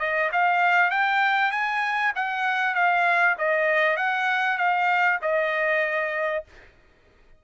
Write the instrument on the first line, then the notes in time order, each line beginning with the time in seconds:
trumpet
0.00 D#5
0.33 F5
0.91 G5
1.52 G#5
2.16 F#5
2.75 F5
3.38 D#5
3.97 F#5
4.58 F5
5.22 D#5